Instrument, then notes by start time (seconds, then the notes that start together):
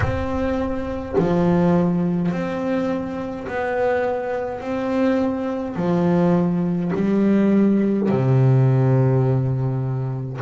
double bass
0.00 C4
1.17 F3
2.31 C4
3.47 B3
4.60 C4
5.76 F3
6.94 G3
8.09 C3